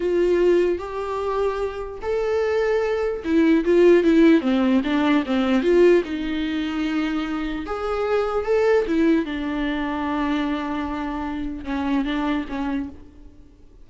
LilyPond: \new Staff \with { instrumentName = "viola" } { \time 4/4 \tempo 4 = 149 f'2 g'2~ | g'4 a'2. | e'4 f'4 e'4 c'4 | d'4 c'4 f'4 dis'4~ |
dis'2. gis'4~ | gis'4 a'4 e'4 d'4~ | d'1~ | d'4 cis'4 d'4 cis'4 | }